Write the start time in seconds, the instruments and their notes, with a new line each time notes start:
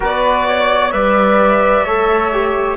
0.00 cello B3, trombone F#4, flute B4, violin D5
0.47 flute C#5
0.91 cello G3, trombone B4, flute D5, violin E5
1.85 cello A3, trombone A4, flute C#5
2.32 trombone G4